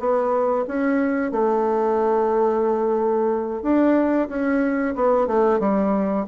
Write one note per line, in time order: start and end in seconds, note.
0.00 0.66 B3
0.68 1.32 C#4
1.32 3.63 A3
3.63 4.29 D4
4.29 4.95 C#4
4.96 5.28 B3
5.28 5.60 A3
5.60 6.26 G3